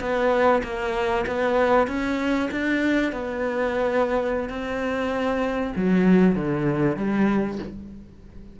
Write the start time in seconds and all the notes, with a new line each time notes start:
0.00 B3
0.63 A#3
1.26 B3
1.87 C#4
2.51 D4
3.12 B3
4.49 C4
5.76 F#3
6.35 D3
6.96 G3